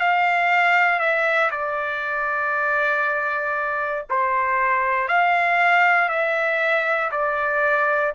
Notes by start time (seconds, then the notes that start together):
0.00 F5
1.00 E5
1.51 D5
4.10 C5
5.08 F5
6.09 E5
7.12 D5